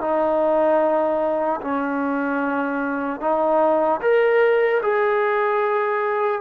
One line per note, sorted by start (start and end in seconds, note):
0.00 1.60 D#4
1.61 3.20 C#4
3.20 4.00 D#4
4.01 4.81 A#4
4.82 6.41 G#4